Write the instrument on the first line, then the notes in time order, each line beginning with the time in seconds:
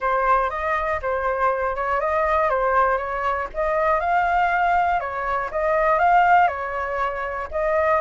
flute
0.00 C5
0.50 D#5
1.01 C5
1.75 C#5
2.00 D#5
2.49 C5
2.97 C#5
3.54 D#5
4.00 F5
5.00 C#5
5.51 D#5
5.98 F5
6.47 C#5
7.51 D#5